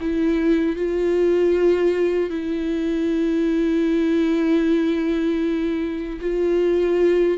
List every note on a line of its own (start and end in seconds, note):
0.00 0.75 E4
0.75 2.30 F4
2.30 6.19 E4
6.21 7.37 F4